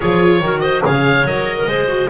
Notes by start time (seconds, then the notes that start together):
0.00 F3 F4 G#4 C#5
0.40 D#3 F#4 A#4
0.60 C5 D#5
0.83 C#3 G#4 C#5 F5
1.24 F#3 A#4 D#5
1.58 A#4
1.66 G#3 G#4 C5
1.87 F#4